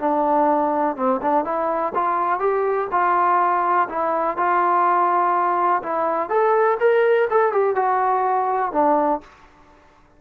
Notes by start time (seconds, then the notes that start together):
0.00 D4
0.97 C4
1.22 D4
1.45 E4
1.95 F4
2.40 G4
2.92 F4
3.90 E4
4.37 F4
5.83 E4
6.30 A4
6.80 A#4
7.31 A4
7.53 G4
7.76 F#4
8.73 D4